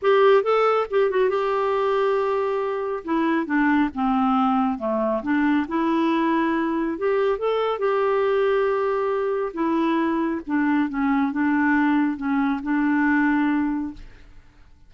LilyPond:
\new Staff \with { instrumentName = "clarinet" } { \time 4/4 \tempo 4 = 138 g'4 a'4 g'8 fis'8 g'4~ | g'2. e'4 | d'4 c'2 a4 | d'4 e'2. |
g'4 a'4 g'2~ | g'2 e'2 | d'4 cis'4 d'2 | cis'4 d'2. | }